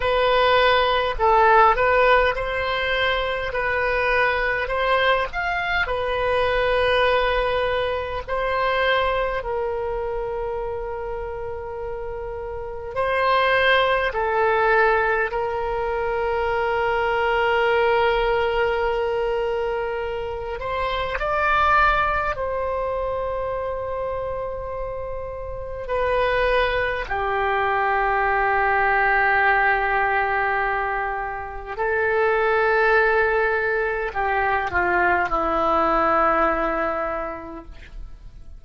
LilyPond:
\new Staff \with { instrumentName = "oboe" } { \time 4/4 \tempo 4 = 51 b'4 a'8 b'8 c''4 b'4 | c''8 f''8 b'2 c''4 | ais'2. c''4 | a'4 ais'2.~ |
ais'4. c''8 d''4 c''4~ | c''2 b'4 g'4~ | g'2. a'4~ | a'4 g'8 f'8 e'2 | }